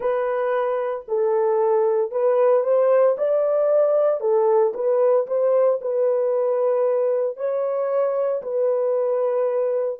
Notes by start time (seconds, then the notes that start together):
0.00 B4
1.08 A4
2.11 B4
2.63 C5
3.17 D5
4.20 A4
4.74 B4
5.26 C5
5.81 B4
7.36 C#5
8.42 B4